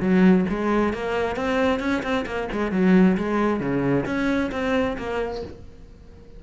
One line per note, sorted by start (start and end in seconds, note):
0.00 0.45 F#3
0.49 0.93 G#3
0.93 1.36 A#3
1.36 1.79 C4
1.79 2.02 C#4
2.03 2.25 C4
2.26 2.48 A#3
2.52 2.71 G#3
2.71 3.17 F#3
3.17 3.60 G#3
3.60 4.05 C#3
4.05 4.51 C#4
4.51 4.96 C4
4.97 5.42 A#3